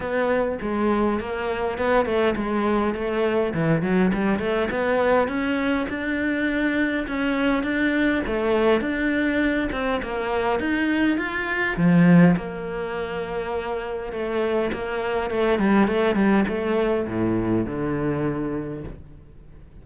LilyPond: \new Staff \with { instrumentName = "cello" } { \time 4/4 \tempo 4 = 102 b4 gis4 ais4 b8 a8 | gis4 a4 e8 fis8 g8 a8 | b4 cis'4 d'2 | cis'4 d'4 a4 d'4~ |
d'8 c'8 ais4 dis'4 f'4 | f4 ais2. | a4 ais4 a8 g8 a8 g8 | a4 a,4 d2 | }